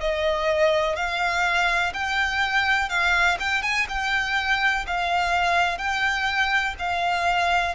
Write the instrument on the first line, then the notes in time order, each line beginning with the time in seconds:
violin
0.00 D#5
0.95 F5
1.94 G5
2.89 F5
3.39 G5
3.62 G#5
3.88 G5
4.87 F5
5.78 G5
6.79 F5